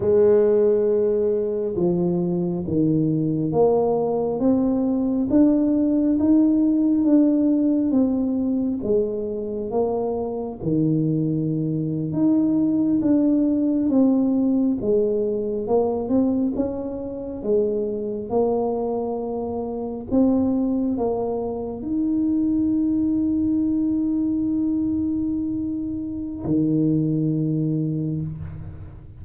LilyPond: \new Staff \with { instrumentName = "tuba" } { \time 4/4 \tempo 4 = 68 gis2 f4 dis4 | ais4 c'4 d'4 dis'4 | d'4 c'4 gis4 ais4 | dis4.~ dis16 dis'4 d'4 c'16~ |
c'8. gis4 ais8 c'8 cis'4 gis16~ | gis8. ais2 c'4 ais16~ | ais8. dis'2.~ dis'16~ | dis'2 dis2 | }